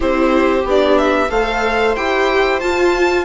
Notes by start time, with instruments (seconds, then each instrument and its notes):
0.00 bassoon C4, viola E4 G4, violin C5
0.64 bassoon B3, viola D4, violin D5
0.98 violin E5
1.29 bassoon A3, viola A4 C5, violin F5
1.95 bassoon E4, viola G4, violin G5
2.60 viola F4, bassoon F4, violin A5